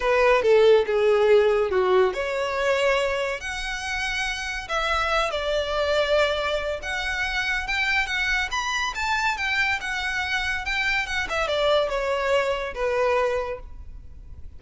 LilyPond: \new Staff \with { instrumentName = "violin" } { \time 4/4 \tempo 4 = 141 b'4 a'4 gis'2 | fis'4 cis''2. | fis''2. e''4~ | e''8 d''2.~ d''8 |
fis''2 g''4 fis''4 | b''4 a''4 g''4 fis''4~ | fis''4 g''4 fis''8 e''8 d''4 | cis''2 b'2 | }